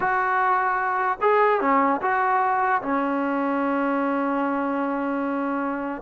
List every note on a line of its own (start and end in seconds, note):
0.00 1.18 F#4
1.21 1.61 G#4
1.61 2.01 C#4
2.01 2.81 F#4
2.82 6.02 C#4